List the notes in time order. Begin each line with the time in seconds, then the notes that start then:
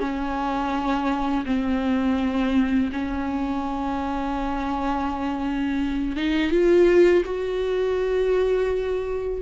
0.00 C#4
1.46 C4
2.93 C#4
6.16 D#4
6.51 F4
7.26 F#4